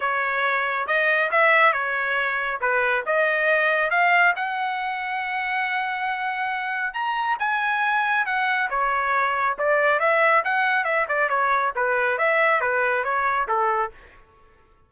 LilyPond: \new Staff \with { instrumentName = "trumpet" } { \time 4/4 \tempo 4 = 138 cis''2 dis''4 e''4 | cis''2 b'4 dis''4~ | dis''4 f''4 fis''2~ | fis''1 |
ais''4 gis''2 fis''4 | cis''2 d''4 e''4 | fis''4 e''8 d''8 cis''4 b'4 | e''4 b'4 cis''4 a'4 | }